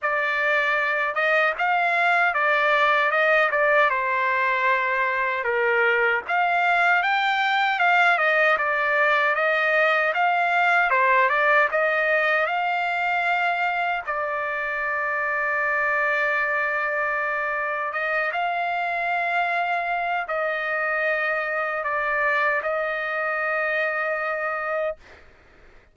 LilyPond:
\new Staff \with { instrumentName = "trumpet" } { \time 4/4 \tempo 4 = 77 d''4. dis''8 f''4 d''4 | dis''8 d''8 c''2 ais'4 | f''4 g''4 f''8 dis''8 d''4 | dis''4 f''4 c''8 d''8 dis''4 |
f''2 d''2~ | d''2. dis''8 f''8~ | f''2 dis''2 | d''4 dis''2. | }